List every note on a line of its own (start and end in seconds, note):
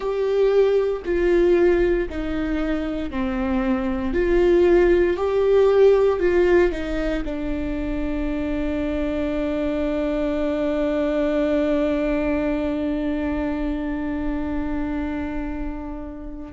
0.00 1.02 G4
1.05 2.08 F4
2.09 3.10 D#4
3.10 4.13 C4
4.13 5.16 F4
5.16 6.19 G4
6.19 6.71 F4
6.71 7.23 D#4
7.24 16.52 D4